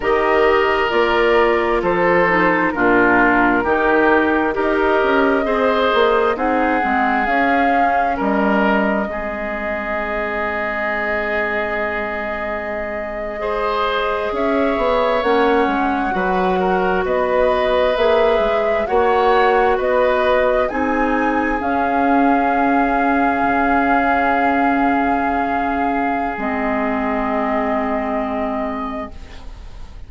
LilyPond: <<
  \new Staff \with { instrumentName = "flute" } { \time 4/4 \tempo 4 = 66 dis''4 d''4 c''4 ais'4~ | ais'4 dis''2 fis''4 | f''4 dis''2.~ | dis''2.~ dis''8. e''16~ |
e''8. fis''2 dis''4 e''16~ | e''8. fis''4 dis''4 gis''4 f''16~ | f''1~ | f''4 dis''2. | }
  \new Staff \with { instrumentName = "oboe" } { \time 4/4 ais'2 a'4 f'4 | g'4 ais'4 c''4 gis'4~ | gis'4 ais'4 gis'2~ | gis'2~ gis'8. c''4 cis''16~ |
cis''4.~ cis''16 b'8 ais'8 b'4~ b'16~ | b'8. cis''4 b'4 gis'4~ gis'16~ | gis'1~ | gis'1 | }
  \new Staff \with { instrumentName = "clarinet" } { \time 4/4 g'4 f'4. dis'8 d'4 | dis'4 g'4 gis'4 dis'8 c'8 | cis'2 c'2~ | c'2~ c'8. gis'4~ gis'16~ |
gis'8. cis'4 fis'2 gis'16~ | gis'8. fis'2 dis'4 cis'16~ | cis'1~ | cis'4 c'2. | }
  \new Staff \with { instrumentName = "bassoon" } { \time 4/4 dis4 ais4 f4 ais,4 | dis4 dis'8 cis'8 c'8 ais8 c'8 gis8 | cis'4 g4 gis2~ | gis2.~ gis8. cis'16~ |
cis'16 b8 ais8 gis8 fis4 b4 ais16~ | ais16 gis8 ais4 b4 c'4 cis'16~ | cis'4.~ cis'16 cis2~ cis16~ | cis4 gis2. | }
>>